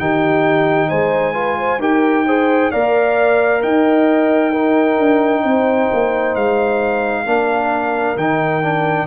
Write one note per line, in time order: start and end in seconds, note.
0.00 0.91 D#3
0.00 1.34 D#4
0.00 0.89 G4
0.00 0.90 G5
0.89 1.79 G#3
0.89 1.34 C5
0.89 1.81 G#5
1.34 1.79 F4
1.34 1.57 B4
1.59 1.80 C5
1.79 2.70 D#4
1.79 2.26 G4
1.79 2.26 A#4
1.79 2.72 G5
2.27 2.73 G#4
2.27 2.72 C5
2.72 3.63 A#3
2.72 4.54 A#4
2.72 3.62 D5
2.72 3.62 F5
3.63 4.99 D#4
3.63 4.51 D#5
3.63 6.36 G5
4.51 7.27 D#4
4.51 5.42 A#4
4.99 5.44 D4
5.43 5.90 C4
5.43 7.25 C5
5.94 6.36 A#3
6.36 7.26 G#3
6.36 8.18 F5
7.26 8.16 A#3
7.26 8.17 D4
7.26 9.07 A#4
8.16 9.07 D#3
8.16 8.63 D#4
8.16 9.07 G5
8.63 9.07 D4